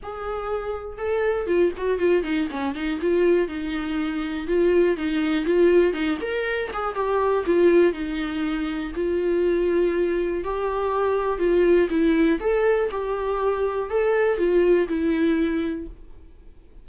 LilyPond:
\new Staff \with { instrumentName = "viola" } { \time 4/4 \tempo 4 = 121 gis'2 a'4 f'8 fis'8 | f'8 dis'8 cis'8 dis'8 f'4 dis'4~ | dis'4 f'4 dis'4 f'4 | dis'8 ais'4 gis'8 g'4 f'4 |
dis'2 f'2~ | f'4 g'2 f'4 | e'4 a'4 g'2 | a'4 f'4 e'2 | }